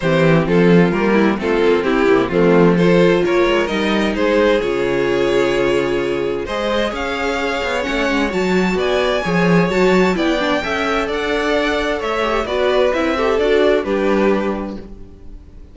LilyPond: <<
  \new Staff \with { instrumentName = "violin" } { \time 4/4 \tempo 4 = 130 c''4 a'4 ais'4 a'4 | g'4 f'4 c''4 cis''4 | dis''4 c''4 cis''2~ | cis''2 dis''4 f''4~ |
f''4 fis''4 a''4 gis''4~ | gis''4 a''4 g''2 | fis''2 e''4 d''4 | e''4 d''4 b'2 | }
  \new Staff \with { instrumentName = "violin" } { \time 4/4 g'4 f'4. e'8 f'4 | e'4 c'4 a'4 ais'4~ | ais'4 gis'2.~ | gis'2 c''4 cis''4~ |
cis''2. d''4 | cis''2 d''4 e''4 | d''2 cis''4 b'4~ | b'8 a'4. g'2 | }
  \new Staff \with { instrumentName = "viola" } { \time 4/4 c'2 ais4 c'4~ | c'8 ais8 a4 f'2 | dis'2 f'2~ | f'2 gis'2~ |
gis'4 cis'4 fis'2 | gis'4 fis'4 e'8 d'8 a'4~ | a'2~ a'8 g'8 fis'4 | e'8 g'8 fis'4 d'2 | }
  \new Staff \with { instrumentName = "cello" } { \time 4/4 e4 f4 g4 a8 ais8 | c'8 c8 f2 ais8 gis8 | g4 gis4 cis2~ | cis2 gis4 cis'4~ |
cis'8 b8 a8 gis8 fis4 b4 | f4 fis4 b4 cis'4 | d'2 a4 b4 | c'4 d'4 g2 | }
>>